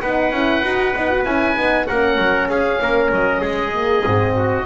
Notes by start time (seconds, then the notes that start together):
0.00 B3 D#4 B4 F#5
0.31 C#4 E4
0.63 D#4 F#4
0.95 B3 D#4
1.10 F#4
1.24 C#4 E4 G#5
1.56 B3 D#4
1.86 A#3 C#4 A#4 F#5
2.18 F#3
2.48 C#4 G#4 F5
2.81 A#3 A#4
3.11 F#3 D#5
3.40 G#3 G#4
3.73 A#3
4.02 G#2 C4
4.36 F#4